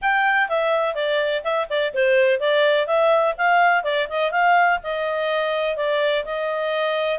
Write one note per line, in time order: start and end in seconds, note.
0.01 0.48 G5
0.48 0.94 E5
0.94 1.42 D5
1.44 1.68 E5
1.69 1.93 D5
1.94 2.40 C5
2.40 2.86 D5
2.86 3.34 E5
3.37 3.83 F5
3.83 4.07 D5
4.09 4.31 D#5
4.31 4.79 F5
4.83 5.76 D#5
5.76 6.24 D5
6.24 7.18 D#5